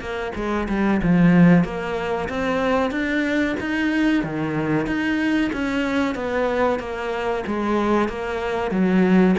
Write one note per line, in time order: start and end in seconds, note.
0.00 0.32 A#3
0.35 0.67 G#3
0.69 1.01 G3
1.02 1.64 F3
1.64 2.28 A#3
2.29 2.91 C4
2.91 3.55 D4
3.60 4.23 D#4
4.23 4.86 D#3
4.86 5.51 D#4
5.52 6.15 C#4
6.15 6.79 B3
6.79 7.44 A#3
7.46 8.09 G#3
8.09 8.71 A#3
8.71 9.35 F#3